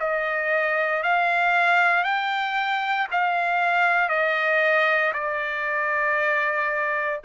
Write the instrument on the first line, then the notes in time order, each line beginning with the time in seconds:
trumpet
0.00 D#5
1.03 F5
2.04 G5
3.11 F5
4.09 D#5
5.13 D5